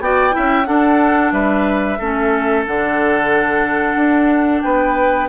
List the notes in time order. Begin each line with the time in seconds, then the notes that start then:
0.00 B3 F#4 D5 G5
0.31 E4 E5
0.38 C#4
0.66 D4 A4 F#5
1.32 G3 B4 E5
1.99 A3 C#4 A4
2.66 D3 D4 F#5
3.96 D4
4.62 B3 B4 G5